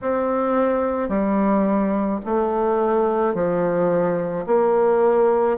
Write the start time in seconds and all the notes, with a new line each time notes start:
0.01 C4
1.08 G3
2.25 A3
3.34 F3
4.46 A#3